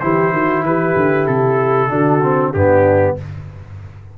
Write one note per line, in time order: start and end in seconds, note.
0.00 0.31 E3
0.00 1.88 E4
0.00 0.33 G4
0.00 0.63 C5
0.31 0.62 D#3
0.31 0.65 F#4
0.62 0.94 E3
0.62 1.90 G4
0.62 1.26 B4
0.95 1.27 D3
1.26 1.90 C3
1.26 2.52 A4
1.88 2.54 D3
1.88 2.20 D4
1.88 2.53 F#4
2.22 2.54 C4
2.53 3.17 G2
2.53 3.17 B3
2.53 3.16 D4
2.53 3.16 G4